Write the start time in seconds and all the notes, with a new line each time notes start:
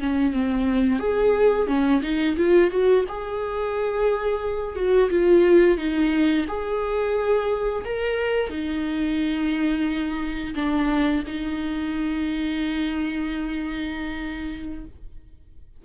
0.00 C#4
0.33 C4
0.99 G#4
1.67 C#4
2.02 D#4
2.36 F4
2.71 F#4
3.08 G#4
4.75 F#4
5.10 F4
5.77 D#4
6.48 G#4
7.85 A#4
8.49 D#4
10.55 D4
11.27 D#4